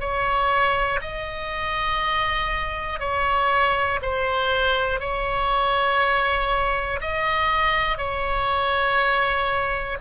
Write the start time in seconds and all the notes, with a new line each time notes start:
0.00 C#5
1.01 D#5
3.00 C#5
4.01 C5
5.00 C#5
7.00 D#5
7.97 C#5